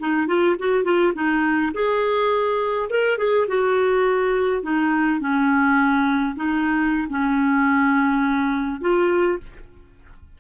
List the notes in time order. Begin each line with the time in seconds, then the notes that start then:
0.00 D#4
0.28 F4
0.59 F#4
0.84 F4
1.15 D#4
1.74 G#4
2.90 A#4
3.18 G#4
3.48 F#4
4.63 D#4
5.20 C#4
6.36 D#4
7.10 C#4
8.81 F4